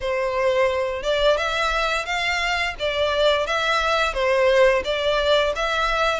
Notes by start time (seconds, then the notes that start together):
0.01 C5
1.03 D5
1.37 E5
2.05 F5
2.79 D5
3.46 E5
4.13 C5
4.84 D5
5.55 E5